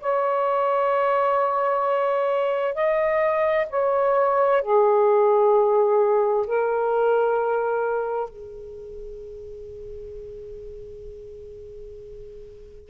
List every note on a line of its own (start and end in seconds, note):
0.00 2.74 C#5
2.74 3.66 D#5
3.70 4.62 C#5
4.62 6.46 G#4
6.46 8.29 A#4
8.29 12.89 G#4